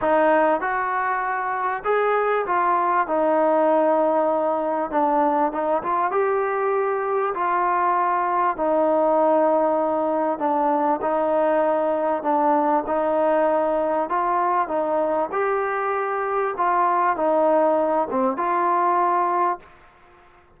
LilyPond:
\new Staff \with { instrumentName = "trombone" } { \time 4/4 \tempo 4 = 98 dis'4 fis'2 gis'4 | f'4 dis'2. | d'4 dis'8 f'8 g'2 | f'2 dis'2~ |
dis'4 d'4 dis'2 | d'4 dis'2 f'4 | dis'4 g'2 f'4 | dis'4. c'8 f'2 | }